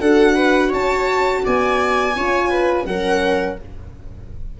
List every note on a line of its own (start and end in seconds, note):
0.00 0.71 D4
0.00 2.15 F#4
0.00 0.34 A4
0.00 0.72 F#5
0.34 0.69 B4
0.69 1.44 C#4
0.69 1.40 C#5
0.69 1.45 A5
1.44 2.16 B3
1.44 2.16 D5
1.44 2.85 G#5
2.16 2.86 C#4
2.16 2.87 F4
2.16 2.50 C#5
2.50 2.85 B4
2.85 3.57 F#3
2.85 3.60 C#4
2.85 3.60 A#4
2.85 3.57 F#5